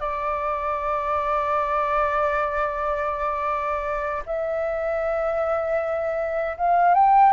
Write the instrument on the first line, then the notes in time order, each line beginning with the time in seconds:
flute
0.00 D5
4.26 E5
6.57 F5
6.94 G5